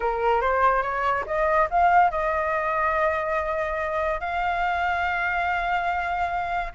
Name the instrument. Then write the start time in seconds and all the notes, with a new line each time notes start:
flute
0.00 A#4
0.41 C5
0.82 C#5
1.26 D#5
1.70 F5
2.10 D#5
4.20 F5